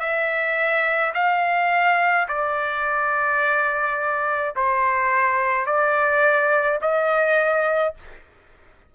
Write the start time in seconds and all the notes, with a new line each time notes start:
0.00 E5
1.15 F5
2.28 D5
4.56 C5
5.67 D5
6.82 D#5